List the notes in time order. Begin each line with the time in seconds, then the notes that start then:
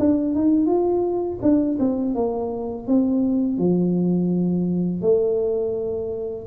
0.00 D4
0.35 D#4
0.67 F4
1.43 D4
1.79 C4
2.15 A#3
2.88 C4
3.58 F3
5.02 A3